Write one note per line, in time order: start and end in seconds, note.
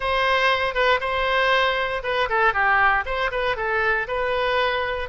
0.00 0.74 C5
0.74 0.99 B4
1.00 2.02 C5
2.03 2.28 B4
2.29 2.53 A4
2.53 3.04 G4
3.05 3.31 C5
3.31 3.56 B4
3.56 4.07 A4
4.07 5.09 B4